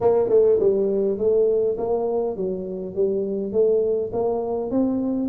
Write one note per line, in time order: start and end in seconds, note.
0.00 0.29 A#3
0.29 0.58 A3
0.59 1.17 G3
1.17 1.76 A3
1.77 2.36 A#3
2.36 2.95 F#3
2.95 3.52 G3
3.52 4.11 A3
4.12 4.71 A#3
4.71 5.28 C4